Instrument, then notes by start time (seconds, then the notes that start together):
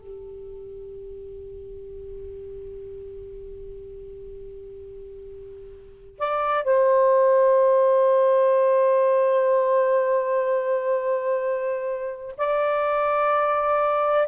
saxophone
0.00 G4
6.19 D5
6.64 C5
12.38 D5